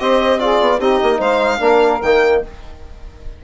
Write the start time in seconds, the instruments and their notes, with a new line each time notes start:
0.00 bassoon C4, trombone G4, saxophone C5, violin D#5
0.40 trombone F4, saxophone G#4, violin D5
0.61 bassoon B3
0.78 bassoon C4, trombone D#4, saxophone G4, violin D#5
1.03 bassoon A#3
1.19 bassoon G#3, saxophone C5, violin F5
1.60 bassoon A#3, trombone D4, saxophone A#4
2.02 bassoon D#3, trombone A#3, violin G5